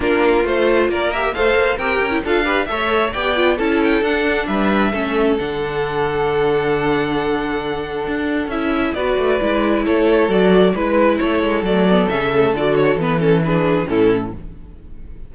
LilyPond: <<
  \new Staff \with { instrumentName = "violin" } { \time 4/4 \tempo 4 = 134 ais'4 c''4 d''8 e''8 f''4 | g''4 f''4 e''4 g''4 | a''8 g''8 fis''4 e''2 | fis''1~ |
fis''2. e''4 | d''2 cis''4 d''4 | b'4 cis''4 d''4 e''4 | d''8 cis''8 b'8 a'8 b'4 a'4 | }
  \new Staff \with { instrumentName = "violin" } { \time 4/4 f'2 ais'4 c''4 | ais'4 a'8 b'8 cis''4 d''4 | a'2 b'4 a'4~ | a'1~ |
a'1 | b'2 a'2 | b'4 a'2.~ | a'2 gis'4 e'4 | }
  \new Staff \with { instrumentName = "viola" } { \time 4/4 d'4 f'4. g'8 a'4 | g'8. e'16 f'8 g'8 a'4 g'8 f'8 | e'4 d'2 cis'4 | d'1~ |
d'2. e'4 | fis'4 e'2 fis'4 | e'2 a8 b8 cis'8 a8 | fis'4 b8 cis'8 d'4 cis'4 | }
  \new Staff \with { instrumentName = "cello" } { \time 4/4 ais4 a4 ais4 a8 ais8 | c'8 cis'8 d'4 a4 b4 | cis'4 d'4 g4 a4 | d1~ |
d2 d'4 cis'4 | b8 a8 gis4 a4 fis4 | gis4 a8 gis8 fis4 cis4 | d4 e2 a,4 | }
>>